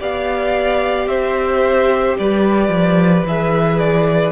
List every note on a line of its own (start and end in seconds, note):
0.00 1.07 B3
0.00 3.27 G4
0.00 1.09 D5
0.00 1.08 F5
1.07 2.16 C4
1.07 2.18 C5
1.07 2.17 E5
2.18 2.68 G3
2.18 4.32 B4
2.18 3.27 D5
2.68 3.23 F3
3.24 4.32 E3
3.24 4.32 G#4
3.24 3.79 E5
3.79 4.32 D5